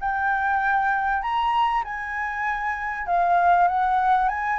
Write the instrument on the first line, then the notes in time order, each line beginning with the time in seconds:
flute
0.00 G5
1.22 A#5
1.84 G#5
3.07 F5
3.68 F#5
4.29 G#5